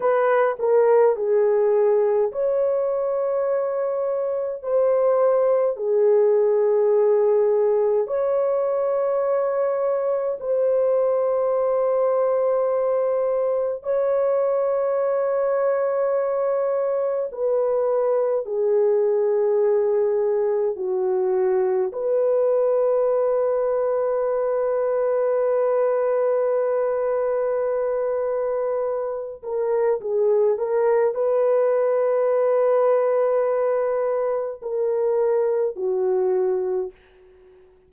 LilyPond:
\new Staff \with { instrumentName = "horn" } { \time 4/4 \tempo 4 = 52 b'8 ais'8 gis'4 cis''2 | c''4 gis'2 cis''4~ | cis''4 c''2. | cis''2. b'4 |
gis'2 fis'4 b'4~ | b'1~ | b'4. ais'8 gis'8 ais'8 b'4~ | b'2 ais'4 fis'4 | }